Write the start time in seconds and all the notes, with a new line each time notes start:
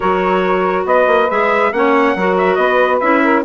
0.00 F#3 F#4 A#4 C#5
0.84 B3 B4 D#5
1.06 A#3
1.30 G#3 G#4 E5
1.71 A#3 C#4 C#5 F#5
2.15 F#3 F#4 A#4
2.37 E5
2.55 B3 B4 D#5
3.00 C#4 E4 E5
3.22 A#4